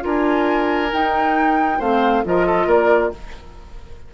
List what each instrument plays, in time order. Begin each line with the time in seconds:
0.00 bassoon D4, clarinet F4, oboe A#4, flute G#5
0.93 clarinet D#4, bassoon D#4, flute G5
1.78 bassoon A3, clarinet C4, oboe C5, flute F5
2.24 bassoon F3, clarinet F4, oboe A#4, flute D#5
2.46 oboe A4
2.66 bassoon A#3, oboe A#4, flute D5